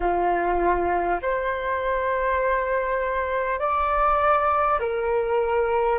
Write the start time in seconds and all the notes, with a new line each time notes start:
0.00 F4
1.22 C5
3.59 D5
4.79 A#4